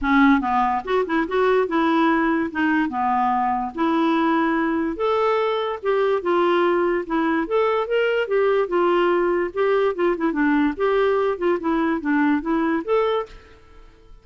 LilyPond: \new Staff \with { instrumentName = "clarinet" } { \time 4/4 \tempo 4 = 145 cis'4 b4 fis'8 e'8 fis'4 | e'2 dis'4 b4~ | b4 e'2. | a'2 g'4 f'4~ |
f'4 e'4 a'4 ais'4 | g'4 f'2 g'4 | f'8 e'8 d'4 g'4. f'8 | e'4 d'4 e'4 a'4 | }